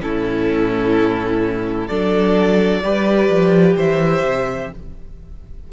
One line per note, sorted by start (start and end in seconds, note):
0.00 1.89 A2
0.00 1.88 C#4
0.00 1.88 E4
0.00 1.88 A4
1.88 2.84 F#3
1.88 2.84 D4
1.88 2.81 A4
1.88 3.75 D5
2.84 3.29 G3
2.84 4.71 G4
2.84 3.77 B4
3.29 3.76 F3
3.77 4.23 E3
3.77 4.70 C5
3.77 4.73 E5
4.23 4.70 C3